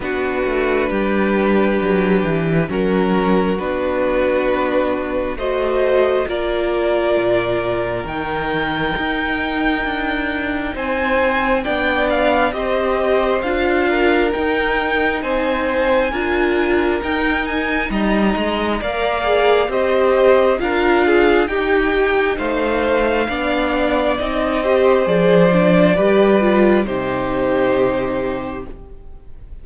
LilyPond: <<
  \new Staff \with { instrumentName = "violin" } { \time 4/4 \tempo 4 = 67 b'2. ais'4 | b'2 dis''4 d''4~ | d''4 g''2. | gis''4 g''8 f''8 dis''4 f''4 |
g''4 gis''2 g''8 gis''8 | ais''4 f''4 dis''4 f''4 | g''4 f''2 dis''4 | d''2 c''2 | }
  \new Staff \with { instrumentName = "violin" } { \time 4/4 fis'4 g'2 fis'4~ | fis'2 c''4 ais'4~ | ais'1 | c''4 d''4 c''4. ais'8~ |
ais'4 c''4 ais'2 | dis''4 d''4 c''4 ais'8 gis'8 | g'4 c''4 d''4. c''8~ | c''4 b'4 g'2 | }
  \new Staff \with { instrumentName = "viola" } { \time 4/4 d'2. cis'4 | d'2 fis'4 f'4~ | f'4 dis'2.~ | dis'4 d'4 g'4 f'4 |
dis'2 f'4 dis'4~ | dis'4 ais'8 gis'8 g'4 f'4 | dis'2 d'4 dis'8 g'8 | gis'8 d'8 g'8 f'8 dis'2 | }
  \new Staff \with { instrumentName = "cello" } { \time 4/4 b8 a8 g4 fis8 e8 fis4 | b2 a4 ais4 | ais,4 dis4 dis'4 d'4 | c'4 b4 c'4 d'4 |
dis'4 c'4 d'4 dis'4 | g8 gis8 ais4 c'4 d'4 | dis'4 a4 b4 c'4 | f4 g4 c2 | }
>>